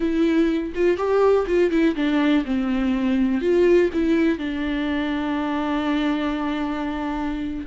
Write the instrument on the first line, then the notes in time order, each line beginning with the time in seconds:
viola
0.00 E4
0.75 F4
0.97 G4
1.46 F4
1.71 E4
1.95 D4
2.45 C4
3.41 F4
3.93 E4
4.38 D4